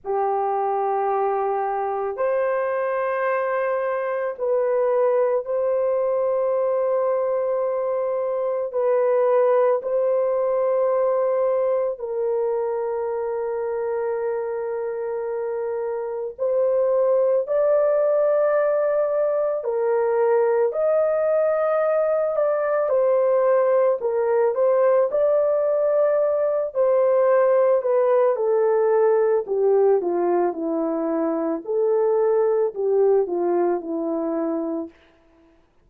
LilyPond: \new Staff \with { instrumentName = "horn" } { \time 4/4 \tempo 4 = 55 g'2 c''2 | b'4 c''2. | b'4 c''2 ais'4~ | ais'2. c''4 |
d''2 ais'4 dis''4~ | dis''8 d''8 c''4 ais'8 c''8 d''4~ | d''8 c''4 b'8 a'4 g'8 f'8 | e'4 a'4 g'8 f'8 e'4 | }